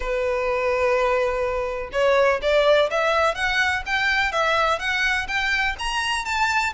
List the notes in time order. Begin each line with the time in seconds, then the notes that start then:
0.00 B4
1.92 C#5
2.41 D5
2.90 E5
3.34 F#5
3.86 G5
4.32 E5
4.79 F#5
5.27 G5
5.78 A#5
6.25 A5